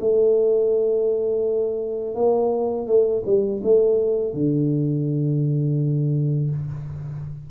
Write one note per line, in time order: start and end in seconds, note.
0.00 2.15 A3
2.15 2.87 A#3
2.87 3.23 A3
3.25 3.61 G3
3.63 4.33 A3
4.33 6.50 D3